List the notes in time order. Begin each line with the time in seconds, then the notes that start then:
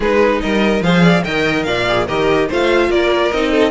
0.00 G#3 D#4 G#4 B4
0.40 G3 A#4 D#5
0.80 F3 G#4 C5 F5
1.02 D5
1.24 D#3 A#4 D#5 G5
1.63 A#2 D5 F5
1.88 G#4
2.06 D#3 G4 A#4 D#5
2.48 A3 F4 C5 F5
2.89 A#3 A#4 D5
3.31 C4 D#4 D#5
3.50 A4